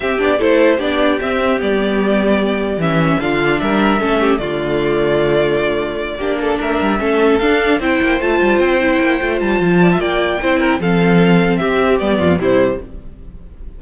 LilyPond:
<<
  \new Staff \with { instrumentName = "violin" } { \time 4/4 \tempo 4 = 150 e''8 d''8 c''4 d''4 e''4 | d''2. e''4 | f''4 e''2 d''4~ | d''1~ |
d''8 e''2 f''4 g''8~ | g''8 a''4 g''2 a''8~ | a''4 g''2 f''4~ | f''4 e''4 d''4 c''4 | }
  \new Staff \with { instrumentName = "violin" } { \time 4/4 g'4 a'4 g'2~ | g'1 | f'4 ais'4 a'8 g'8 f'4~ | f'2.~ f'8 g'8 |
a'8 ais'4 a'2 c''8~ | c''1~ | c''8 d''16 e''16 d''4 c''8 ais'8 a'4~ | a'4 g'4. f'8 e'4 | }
  \new Staff \with { instrumentName = "viola" } { \time 4/4 c'8 d'8 e'4 d'4 c'4 | b2. cis'4 | d'2 cis'4 a4~ | a2.~ a8 d'8~ |
d'4. cis'4 d'4 e'8~ | e'8 f'4. e'4 f'4~ | f'2 e'4 c'4~ | c'2 b4 g4 | }
  \new Staff \with { instrumentName = "cello" } { \time 4/4 c'8 b8 a4 b4 c'4 | g2. e4 | d4 g4 a4 d4~ | d2.~ d8 ais8~ |
ais8 a8 g8 a4 d'4 c'8 | ais8 a8 g8 c'4 ais8 a8 g8 | f4 ais4 c'4 f4~ | f4 c'4 g8 f,8 c4 | }
>>